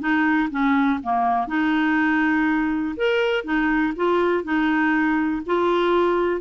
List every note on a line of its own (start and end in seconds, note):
0.00 0.49 D#4
0.51 1.00 C#4
1.03 1.48 A#3
1.48 2.95 D#4
2.97 3.44 A#4
3.44 3.94 D#4
3.97 4.44 F4
4.44 5.43 D#4
5.47 6.42 F4